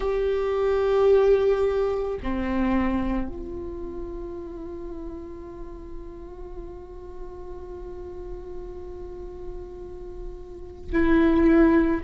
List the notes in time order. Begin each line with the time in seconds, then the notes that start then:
0.00 G4
2.22 C4
3.28 F4
10.92 E4